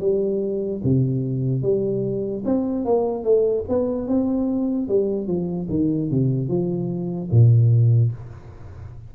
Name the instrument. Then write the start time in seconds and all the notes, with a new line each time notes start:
tuba
0.00 G3
0.84 C3
1.62 G3
2.45 C4
2.85 A#3
3.24 A3
3.68 B3
4.08 C4
4.88 G3
5.27 F3
5.69 D#3
6.10 C3
6.48 F3
7.31 A#2